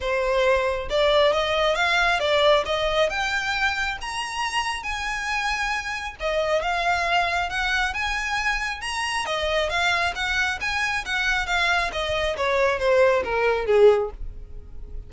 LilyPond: \new Staff \with { instrumentName = "violin" } { \time 4/4 \tempo 4 = 136 c''2 d''4 dis''4 | f''4 d''4 dis''4 g''4~ | g''4 ais''2 gis''4~ | gis''2 dis''4 f''4~ |
f''4 fis''4 gis''2 | ais''4 dis''4 f''4 fis''4 | gis''4 fis''4 f''4 dis''4 | cis''4 c''4 ais'4 gis'4 | }